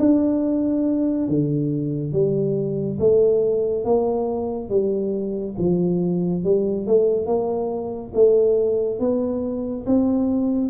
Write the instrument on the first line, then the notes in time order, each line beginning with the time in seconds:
tuba
0.00 D4
1.29 D3
2.13 G3
3.00 A3
3.85 A#3
4.69 G3
5.59 F3
6.44 G3
6.87 A3
7.27 A#3
8.15 A3
9.00 B3
9.86 C4